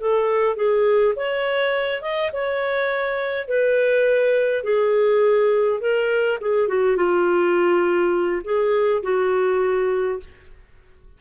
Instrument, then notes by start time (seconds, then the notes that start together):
clarinet
0.00 A4
0.56 G#4
1.15 C#5
2.02 D#5
2.32 C#5
3.48 B4
4.64 G#4
5.80 A#4
6.41 G#4
6.68 F#4
6.96 F4
8.44 G#4
9.03 F#4